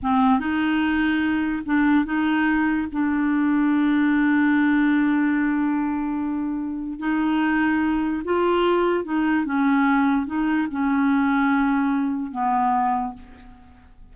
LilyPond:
\new Staff \with { instrumentName = "clarinet" } { \time 4/4 \tempo 4 = 146 c'4 dis'2. | d'4 dis'2 d'4~ | d'1~ | d'1~ |
d'4 dis'2. | f'2 dis'4 cis'4~ | cis'4 dis'4 cis'2~ | cis'2 b2 | }